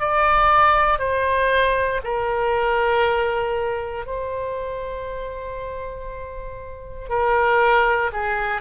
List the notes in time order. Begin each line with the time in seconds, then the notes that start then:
0.00 D5
0.99 C5
2.04 A#4
4.06 C5
7.10 A#4
8.13 G#4